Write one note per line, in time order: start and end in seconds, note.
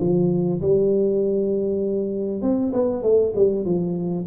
0.00 0.61 F3
0.62 2.42 G3
2.42 2.72 C4
2.73 3.03 B3
3.03 3.33 A3
3.35 3.65 G3
3.65 4.26 F3